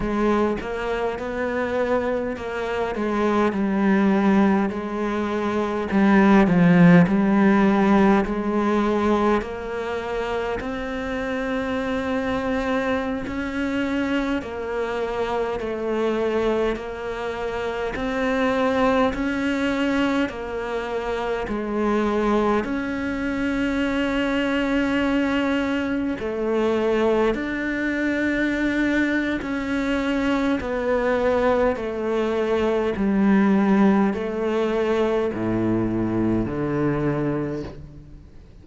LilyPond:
\new Staff \with { instrumentName = "cello" } { \time 4/4 \tempo 4 = 51 gis8 ais8 b4 ais8 gis8 g4 | gis4 g8 f8 g4 gis4 | ais4 c'2~ c'16 cis'8.~ | cis'16 ais4 a4 ais4 c'8.~ |
c'16 cis'4 ais4 gis4 cis'8.~ | cis'2~ cis'16 a4 d'8.~ | d'4 cis'4 b4 a4 | g4 a4 a,4 d4 | }